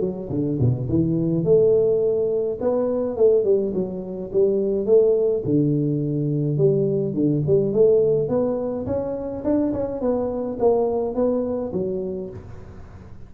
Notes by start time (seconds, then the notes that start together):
0.00 F#3
0.29 D3
0.60 B2
0.89 E3
1.44 A3
2.60 B3
3.16 A3
3.44 G3
3.74 F#3
4.32 G3
4.86 A3
5.45 D3
6.57 G3
7.14 D3
7.46 G3
7.72 A3
8.29 B3
8.86 C#4
9.44 D4
9.73 C#4
10.01 B3
10.59 A#3
11.15 B3
11.72 F#3